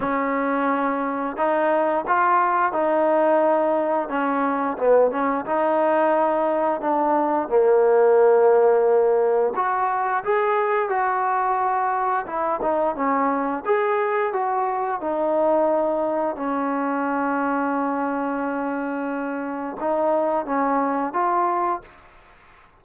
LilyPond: \new Staff \with { instrumentName = "trombone" } { \time 4/4 \tempo 4 = 88 cis'2 dis'4 f'4 | dis'2 cis'4 b8 cis'8 | dis'2 d'4 ais4~ | ais2 fis'4 gis'4 |
fis'2 e'8 dis'8 cis'4 | gis'4 fis'4 dis'2 | cis'1~ | cis'4 dis'4 cis'4 f'4 | }